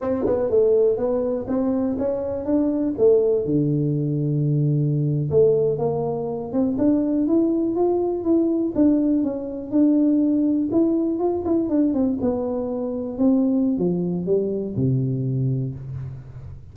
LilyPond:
\new Staff \with { instrumentName = "tuba" } { \time 4/4 \tempo 4 = 122 c'8 b8 a4 b4 c'4 | cis'4 d'4 a4 d4~ | d2~ d8. a4 ais16~ | ais4~ ais16 c'8 d'4 e'4 f'16~ |
f'8. e'4 d'4 cis'4 d'16~ | d'4.~ d'16 e'4 f'8 e'8 d'16~ | d'16 c'8 b2 c'4~ c'16 | f4 g4 c2 | }